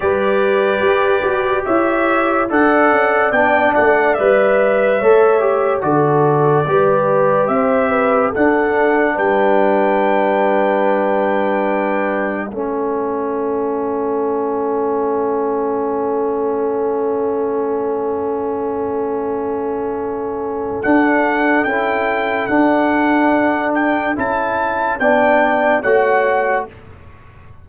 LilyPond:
<<
  \new Staff \with { instrumentName = "trumpet" } { \time 4/4 \tempo 4 = 72 d''2 e''4 fis''4 | g''8 fis''8 e''2 d''4~ | d''4 e''4 fis''4 g''4~ | g''2. e''4~ |
e''1~ | e''1~ | e''4 fis''4 g''4 fis''4~ | fis''8 g''8 a''4 g''4 fis''4 | }
  \new Staff \with { instrumentName = "horn" } { \time 4/4 b'2 cis''4 d''4~ | d''2 cis''4 a'4 | b'4 c''8 b'8 a'4 b'4~ | b'2. a'4~ |
a'1~ | a'1~ | a'1~ | a'2 d''4 cis''4 | }
  \new Staff \with { instrumentName = "trombone" } { \time 4/4 g'2. a'4 | d'4 b'4 a'8 g'8 fis'4 | g'2 d'2~ | d'2. cis'4~ |
cis'1~ | cis'1~ | cis'4 d'4 e'4 d'4~ | d'4 e'4 d'4 fis'4 | }
  \new Staff \with { instrumentName = "tuba" } { \time 4/4 g4 g'8 fis'8 e'4 d'8 cis'8 | b8 a8 g4 a4 d4 | g4 c'4 d'4 g4~ | g2. a4~ |
a1~ | a1~ | a4 d'4 cis'4 d'4~ | d'4 cis'4 b4 a4 | }
>>